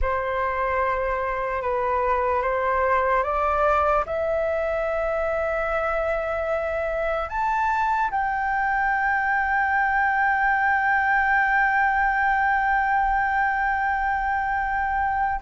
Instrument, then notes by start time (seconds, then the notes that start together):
flute
0.01 C5
1.62 B4
2.42 C5
3.23 D5
4.05 E5
7.29 A5
8.10 G5